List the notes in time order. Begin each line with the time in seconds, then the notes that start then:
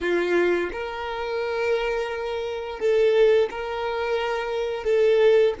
0.00 F4
0.72 A#4
2.79 A4
3.50 A#4
4.84 A4